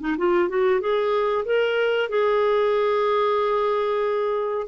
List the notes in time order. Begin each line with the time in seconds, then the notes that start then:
0.00 D#4
0.17 F4
0.49 F#4
0.80 G#4
1.45 A#4
2.09 G#4